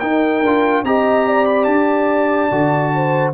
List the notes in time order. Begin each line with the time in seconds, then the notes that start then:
0.00 D#4 A#4 G5
0.41 D4 F4
0.84 C4 G4 D#5 A#5
1.28 D5
1.46 B5
1.64 D4 A5
2.51 D3 F#4
2.95 C5